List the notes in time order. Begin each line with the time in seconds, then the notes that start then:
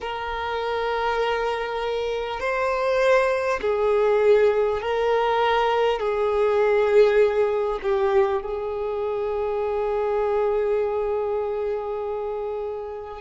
0.01 A#4
2.40 C5
3.61 G#4
4.81 A#4
5.99 G#4
7.82 G4
8.42 G#4